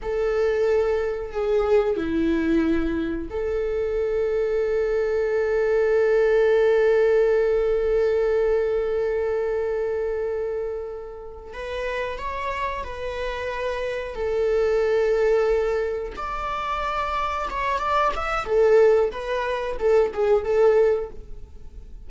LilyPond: \new Staff \with { instrumentName = "viola" } { \time 4/4 \tempo 4 = 91 a'2 gis'4 e'4~ | e'4 a'2.~ | a'1~ | a'1~ |
a'4. b'4 cis''4 b'8~ | b'4. a'2~ a'8~ | a'8 d''2 cis''8 d''8 e''8 | a'4 b'4 a'8 gis'8 a'4 | }